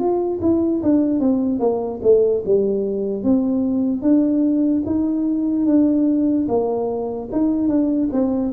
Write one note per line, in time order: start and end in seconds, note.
0.00 0.41 F4
0.42 0.83 E4
0.83 1.20 D4
1.20 1.60 C4
1.60 2.00 A#3
2.03 2.44 A3
2.46 3.24 G3
3.24 4.02 C4
4.02 4.83 D4
4.86 5.66 D#4
5.66 6.48 D4
6.49 7.30 A#3
7.32 7.69 D#4
7.69 8.09 D4
8.13 8.53 C4